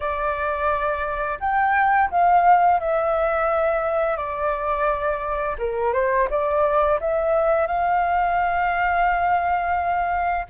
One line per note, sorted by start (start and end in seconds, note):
0.00 1.39 D5
1.40 2.09 G5
2.10 2.80 F5
2.80 4.16 E5
4.16 5.56 D5
5.58 5.93 A#4
5.93 6.28 C5
6.29 6.99 D5
7.00 7.66 E5
7.66 10.46 F5